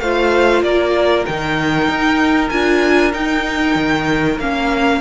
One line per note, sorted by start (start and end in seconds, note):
0.00 0.62 A3
0.00 1.25 F4
0.00 0.65 C5
0.00 0.62 F5
0.62 1.24 A#3
0.62 5.01 A#4
0.62 1.25 D5
1.25 1.88 D#3
1.25 2.50 D#4
1.25 2.49 G5
1.88 2.51 D#4
2.49 3.13 D4
2.49 3.12 F4
2.49 3.12 G#5
3.12 4.38 D#4
3.12 3.75 D#4
3.12 4.39 G5
3.75 4.38 D#3
4.39 5.01 A#3
4.39 5.01 C#4
4.39 5.01 F5